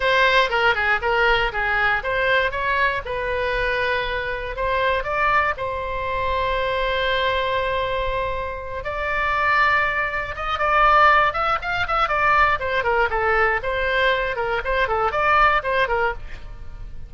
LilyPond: \new Staff \with { instrumentName = "oboe" } { \time 4/4 \tempo 4 = 119 c''4 ais'8 gis'8 ais'4 gis'4 | c''4 cis''4 b'2~ | b'4 c''4 d''4 c''4~ | c''1~ |
c''4. d''2~ d''8~ | d''8 dis''8 d''4. e''8 f''8 e''8 | d''4 c''8 ais'8 a'4 c''4~ | c''8 ais'8 c''8 a'8 d''4 c''8 ais'8 | }